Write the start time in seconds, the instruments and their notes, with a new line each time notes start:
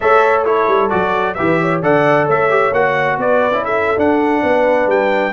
0.00 tuba A3, trombone A4, horn C#5, trumpet E5
0.44 trombone E4, horn A4, trumpet C#5
0.67 tuba G3
0.89 tuba F#3, trombone F#4, trumpet D5
1.34 tuba E3, trombone G4, horn B4, trumpet E5
1.61 horn C#5
1.82 tuba D3, trombone A4, horn D5, trumpet F#5
2.26 tuba A3, horn C#5, trumpet E5
2.49 trombone G4
2.71 tuba A#3, trombone F#4, trumpet F#5
3.17 tuba B3, horn B4, trumpet D5
3.51 tuba C#4, trombone E4
3.64 horn A4, trumpet E5
3.96 trombone D4, tuba D4, trumpet F#5
4.42 tuba B3, horn B4
4.86 tuba G3, trumpet G5